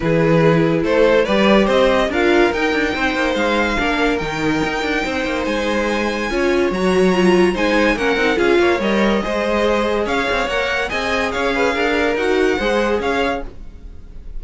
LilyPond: <<
  \new Staff \with { instrumentName = "violin" } { \time 4/4 \tempo 4 = 143 b'2 c''4 d''4 | dis''4 f''4 g''2 | f''2 g''2~ | g''4 gis''2. |
ais''2 gis''4 fis''4 | f''4 dis''2. | f''4 fis''4 gis''4 f''4~ | f''4 fis''2 f''4 | }
  \new Staff \with { instrumentName = "violin" } { \time 4/4 gis'2 a'4 b'4 | c''4 ais'2 c''4~ | c''4 ais'2. | c''2. cis''4~ |
cis''2 c''4 ais'4 | gis'8 cis''4. c''2 | cis''2 dis''4 cis''8 b'8 | ais'2 c''4 cis''4 | }
  \new Staff \with { instrumentName = "viola" } { \time 4/4 e'2. g'4~ | g'4 f'4 dis'2~ | dis'4 d'4 dis'2~ | dis'2. f'4 |
fis'4 f'4 dis'4 cis'8 dis'8 | f'4 ais'4 gis'2~ | gis'4 ais'4 gis'2~ | gis'4 fis'4 gis'2 | }
  \new Staff \with { instrumentName = "cello" } { \time 4/4 e2 a4 g4 | c'4 d'4 dis'8 d'8 c'8 ais8 | gis4 ais4 dis4 dis'8 d'8 | c'8 ais8 gis2 cis'4 |
fis2 gis4 ais8 c'8 | cis'8 ais8 g4 gis2 | cis'8 c'8 ais4 c'4 cis'4 | d'4 dis'4 gis4 cis'4 | }
>>